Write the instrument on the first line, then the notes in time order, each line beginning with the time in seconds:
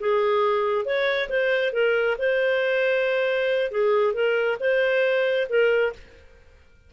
clarinet
0.00 G#4
0.85 C#5
1.29 C5
1.73 A#4
2.19 C5
3.71 G#4
4.13 A#4
4.60 C5
5.49 A#4